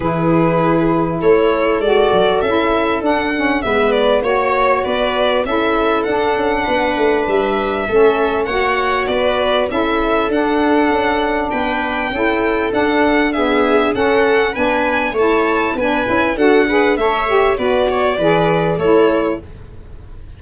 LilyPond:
<<
  \new Staff \with { instrumentName = "violin" } { \time 4/4 \tempo 4 = 99 b'2 cis''4 d''4 | e''4 fis''4 e''8 d''8 cis''4 | d''4 e''4 fis''2 | e''2 fis''4 d''4 |
e''4 fis''2 g''4~ | g''4 fis''4 e''4 fis''4 | gis''4 a''4 gis''4 fis''4 | e''4 d''2 cis''4 | }
  \new Staff \with { instrumentName = "viola" } { \time 4/4 gis'2 a'2~ | a'2 b'4 cis''4 | b'4 a'2 b'4~ | b'4 a'4 cis''4 b'4 |
a'2. b'4 | a'2 gis'4 a'4 | b'4 cis''4 b'4 a'8 b'8 | cis''4 b'8 cis''8 b'4 a'4 | }
  \new Staff \with { instrumentName = "saxophone" } { \time 4/4 e'2. fis'4 | e'4 d'8 cis'8 b4 fis'4~ | fis'4 e'4 d'2~ | d'4 cis'4 fis'2 |
e'4 d'2. | e'4 d'4 b4 cis'4 | d'4 e'4 d'8 e'8 fis'8 gis'8 | a'8 g'8 fis'4 gis'4 e'4 | }
  \new Staff \with { instrumentName = "tuba" } { \time 4/4 e2 a4 gis8 fis8 | cis'4 d'4 gis4 ais4 | b4 cis'4 d'8 cis'8 b8 a8 | g4 a4 ais4 b4 |
cis'4 d'4 cis'4 b4 | cis'4 d'2 cis'4 | b4 a4 b8 cis'8 d'4 | a4 b4 e4 a4 | }
>>